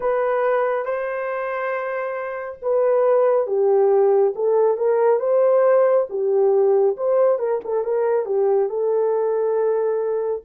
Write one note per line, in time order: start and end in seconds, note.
0.00 0.85 B4
0.85 2.58 C5
2.61 3.46 B4
3.46 4.33 G4
4.35 4.77 A4
4.77 5.19 A#4
5.19 6.06 C5
6.09 6.96 G4
6.96 7.38 C5
7.38 7.60 A#4
7.64 7.83 A4
7.83 8.25 A#4
8.25 8.69 G4
8.69 10.43 A4